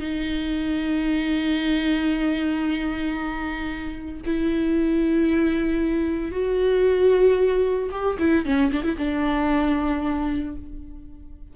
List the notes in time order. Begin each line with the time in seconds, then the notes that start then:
0.00 D#4
4.26 E4
6.32 F#4
7.91 G4
8.19 E4
8.45 C#4
8.72 D4
8.83 E4
8.98 D4